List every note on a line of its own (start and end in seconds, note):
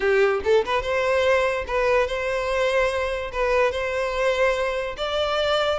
0.00 0.40 G4
0.44 0.65 A4
0.65 0.82 B4
0.82 1.65 C5
1.67 2.07 B4
2.07 3.31 C5
3.32 3.71 B4
3.71 4.96 C5
4.97 5.79 D5